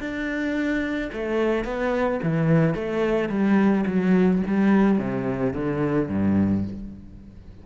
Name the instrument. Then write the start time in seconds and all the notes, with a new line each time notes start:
cello
0.00 D4
1.13 A3
1.65 B3
2.23 E3
2.75 A3
3.29 G3
3.87 F#3
4.47 G3
4.99 C3
5.54 D3
6.09 G2